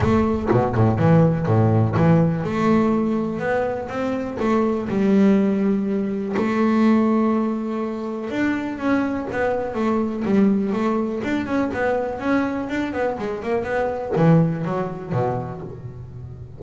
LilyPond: \new Staff \with { instrumentName = "double bass" } { \time 4/4 \tempo 4 = 123 a4 b,8 a,8 e4 a,4 | e4 a2 b4 | c'4 a4 g2~ | g4 a2.~ |
a4 d'4 cis'4 b4 | a4 g4 a4 d'8 cis'8 | b4 cis'4 d'8 b8 gis8 ais8 | b4 e4 fis4 b,4 | }